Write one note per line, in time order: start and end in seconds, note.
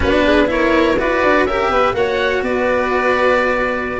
0.00 0.98 B3
0.00 0.46 D4
0.00 0.25 F#4
0.00 0.48 B4
0.25 0.49 G#4
0.46 0.95 E4
0.46 0.98 A#4
0.46 0.98 C#5
0.98 1.23 E4
0.98 1.48 F#4
0.98 1.47 B4
0.98 1.46 D5
1.23 1.45 D4
1.45 1.68 C#4
1.45 1.93 G4
1.45 1.70 A#4
1.45 1.94 E5
1.68 1.93 B3
1.68 1.95 B4
1.93 2.42 A#3
1.93 3.99 F#4
1.93 2.43 C#5
1.93 2.43 F#5
2.42 3.99 B3
2.42 3.99 B4
2.42 3.99 D5